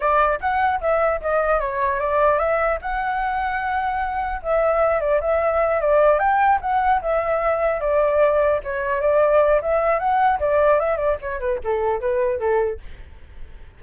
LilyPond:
\new Staff \with { instrumentName = "flute" } { \time 4/4 \tempo 4 = 150 d''4 fis''4 e''4 dis''4 | cis''4 d''4 e''4 fis''4~ | fis''2. e''4~ | e''8 d''8 e''4. d''4 g''8~ |
g''8 fis''4 e''2 d''8~ | d''4. cis''4 d''4. | e''4 fis''4 d''4 e''8 d''8 | cis''8 b'8 a'4 b'4 a'4 | }